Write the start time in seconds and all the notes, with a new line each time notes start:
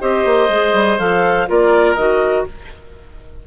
0.00 C4 G4 C5 D#5
0.25 A#3
0.49 G#3 G#4
0.73 G3
0.98 F3 A4 F5
1.47 A#3 F4 A#4 D5
1.95 D#3 F#4 D#5